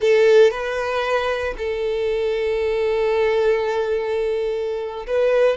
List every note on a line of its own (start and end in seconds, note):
0.00 0.51 A4
0.51 1.54 B4
1.57 5.06 A4
5.06 5.57 B4